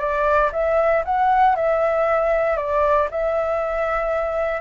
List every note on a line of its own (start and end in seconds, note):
0.00 0.51 D5
0.53 1.04 E5
1.05 1.56 F#5
1.56 2.57 E5
2.57 3.09 D5
3.11 4.61 E5